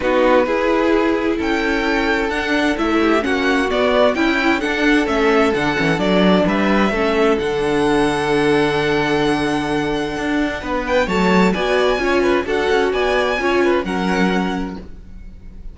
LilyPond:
<<
  \new Staff \with { instrumentName = "violin" } { \time 4/4 \tempo 4 = 130 b'2. g''4~ | g''4 fis''4 e''4 fis''4 | d''4 g''4 fis''4 e''4 | fis''4 d''4 e''2 |
fis''1~ | fis''2.~ fis''8 g''8 | a''4 gis''2 fis''4 | gis''2 fis''2 | }
  \new Staff \with { instrumentName = "violin" } { \time 4/4 fis'4 gis'2 a'4~ | a'2~ a'8 g'8 fis'4~ | fis'4 e'4 a'2~ | a'2 b'4 a'4~ |
a'1~ | a'2. b'4 | cis''4 d''4 cis''8 b'8 a'4 | d''4 cis''8 b'8 ais'2 | }
  \new Staff \with { instrumentName = "viola" } { \time 4/4 dis'4 e'2.~ | e'4 d'4 e'4 cis'4 | b4 e'4 d'4 cis'4 | d'8 cis'8 d'2 cis'4 |
d'1~ | d'1 | a4 fis'4 f'4 fis'4~ | fis'4 f'4 cis'2 | }
  \new Staff \with { instrumentName = "cello" } { \time 4/4 b4 e'2 cis'4~ | cis'4 d'4 a4 ais4 | b4 cis'4 d'4 a4 | d8 e8 fis4 g4 a4 |
d1~ | d2 d'4 b4 | fis4 b4 cis'4 d'8 cis'8 | b4 cis'4 fis2 | }
>>